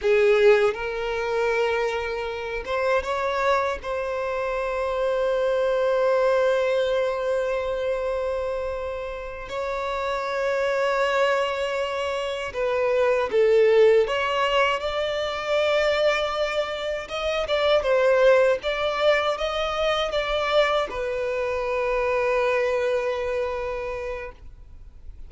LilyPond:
\new Staff \with { instrumentName = "violin" } { \time 4/4 \tempo 4 = 79 gis'4 ais'2~ ais'8 c''8 | cis''4 c''2.~ | c''1~ | c''8 cis''2.~ cis''8~ |
cis''8 b'4 a'4 cis''4 d''8~ | d''2~ d''8 dis''8 d''8 c''8~ | c''8 d''4 dis''4 d''4 b'8~ | b'1 | }